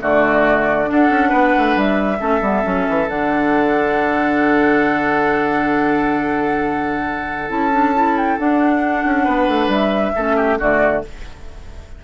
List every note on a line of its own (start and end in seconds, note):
0.00 0.90 D3
0.00 0.85 A3
0.00 0.89 F#4
0.00 0.90 D5
0.85 2.17 D4
0.85 1.10 D4
0.85 1.79 F#5
0.92 1.29 A4
1.10 1.32 C#4
1.29 1.54 B3
1.29 2.17 B4
1.57 1.76 A3
1.76 2.20 G3
1.76 3.09 E5
2.19 2.41 A3
2.19 2.41 C#4
2.19 9.24 A4
2.41 2.64 G3
2.41 2.63 B3
2.63 2.87 F#3
2.63 3.07 C#4
2.89 3.08 E3
3.08 7.49 D3
3.08 7.49 D4
3.08 7.50 F#5
7.49 8.37 C#4
7.49 7.71 E4
7.49 8.17 A5
7.71 7.93 D4
7.94 8.38 E4
8.17 8.39 G5
8.38 10.15 D4
8.38 9.05 D4
8.38 9.71 F#5
9.05 9.26 C#4
9.24 9.48 B3
9.24 10.12 B4
9.48 9.67 A3
9.67 10.11 G3
9.67 10.59 E5
10.15 10.60 A3
10.15 10.59 C#4
10.15 10.36 A4
10.36 10.58 G4
10.59 11.04 D3
10.59 11.03 A3
10.59 11.03 F#4
10.59 11.04 D5